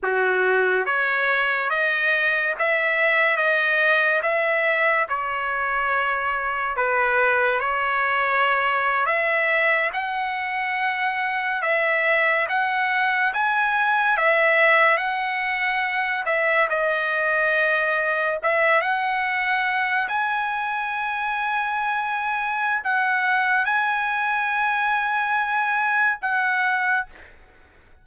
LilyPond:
\new Staff \with { instrumentName = "trumpet" } { \time 4/4 \tempo 4 = 71 fis'4 cis''4 dis''4 e''4 | dis''4 e''4 cis''2 | b'4 cis''4.~ cis''16 e''4 fis''16~ | fis''4.~ fis''16 e''4 fis''4 gis''16~ |
gis''8. e''4 fis''4. e''8 dis''16~ | dis''4.~ dis''16 e''8 fis''4. gis''16~ | gis''2. fis''4 | gis''2. fis''4 | }